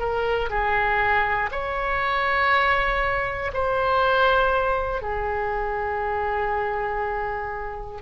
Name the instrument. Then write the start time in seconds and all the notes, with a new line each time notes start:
oboe
0.00 A#4
0.50 G#4
1.52 C#5
3.54 C5
5.02 G#4